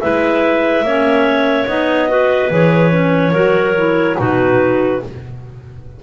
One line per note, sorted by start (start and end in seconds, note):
0.00 0.82 G#3
0.00 0.84 E4
0.00 0.85 B4
0.00 1.67 E5
0.82 1.65 A#3
0.82 1.67 C#4
0.82 2.10 C#5
1.66 2.49 B3
1.66 2.08 D#4
1.66 2.51 D#5
2.08 2.49 F#4
2.08 3.32 B4
2.50 3.32 E3
2.50 2.91 G#4
2.50 4.19 C#5
2.91 3.32 C#4
3.32 4.15 F#3
3.32 3.75 F#4
3.32 4.16 A#4
3.76 4.16 E4
4.16 5.02 B2
4.16 5.00 D#4
4.16 5.02 F#4
4.16 5.03 B4